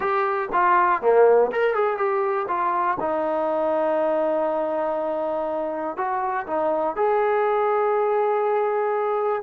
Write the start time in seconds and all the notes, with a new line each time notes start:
0.00 G4
0.52 F4
1.01 A#3
1.51 A#4
1.74 G#4
1.97 G4
2.47 F4
3.00 D#4
5.96 F#4
6.47 D#4
6.96 G#4